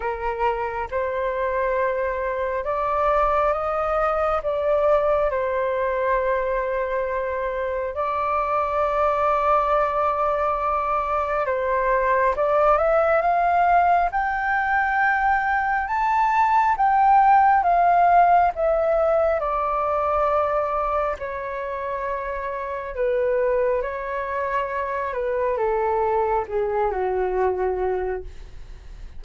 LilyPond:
\new Staff \with { instrumentName = "flute" } { \time 4/4 \tempo 4 = 68 ais'4 c''2 d''4 | dis''4 d''4 c''2~ | c''4 d''2.~ | d''4 c''4 d''8 e''8 f''4 |
g''2 a''4 g''4 | f''4 e''4 d''2 | cis''2 b'4 cis''4~ | cis''8 b'8 a'4 gis'8 fis'4. | }